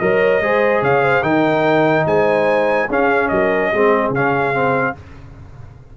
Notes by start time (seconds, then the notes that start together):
0.00 F#3 A#4 C#5 D#5
0.41 G#3 G#4 C5
0.82 C#3 C#5 F5
1.04 C5
1.23 D#3 D#4 A#4 G5
2.06 G#3 C5 G#5
2.89 C#4 G#4 F5
3.29 F#3 A#4 D#5
3.71 G#3 C4 G#4
4.10 C#3 C#4 F5
4.54 C4